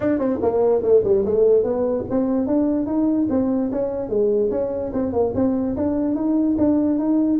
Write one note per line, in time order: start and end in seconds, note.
0.00 0.18 D4
0.18 0.39 C4
0.42 0.82 A#3
0.82 1.03 A3
1.04 1.24 G3
1.25 1.63 A3
1.63 2.04 B3
2.10 2.46 C4
2.46 2.86 D4
2.86 3.27 D#4
3.29 3.70 C4
3.71 4.09 C#4
4.09 4.50 G#3
4.50 4.91 C#4
4.93 5.12 C4
5.12 5.33 A#3
5.35 5.76 C4
5.76 6.15 D4
6.15 6.56 D#4
6.58 6.98 D4
6.98 7.40 D#4